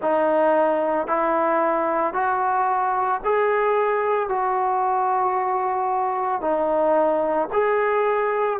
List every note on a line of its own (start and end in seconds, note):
0.02 1.07 D#4
1.07 2.13 E4
2.13 3.20 F#4
3.24 4.29 G#4
4.29 6.41 F#4
6.41 7.48 D#4
7.52 8.59 G#4